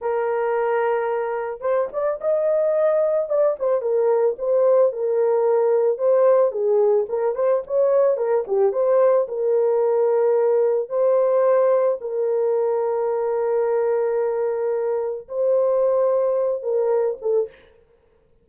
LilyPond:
\new Staff \with { instrumentName = "horn" } { \time 4/4 \tempo 4 = 110 ais'2. c''8 d''8 | dis''2 d''8 c''8 ais'4 | c''4 ais'2 c''4 | gis'4 ais'8 c''8 cis''4 ais'8 g'8 |
c''4 ais'2. | c''2 ais'2~ | ais'1 | c''2~ c''8 ais'4 a'8 | }